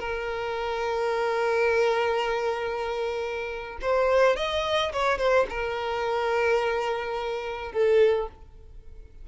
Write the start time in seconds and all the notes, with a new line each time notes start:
0.00 A#4
3.82 C5
4.36 D#5
4.93 C#5
5.18 C5
5.49 A#4
7.72 A4